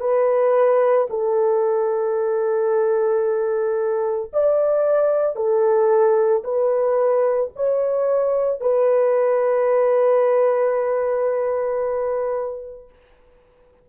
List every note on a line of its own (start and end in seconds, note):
0.00 1.07 B4
1.10 4.31 A4
4.32 5.36 D5
5.36 6.43 A4
6.44 7.51 B4
7.55 8.60 C#5
8.60 12.89 B4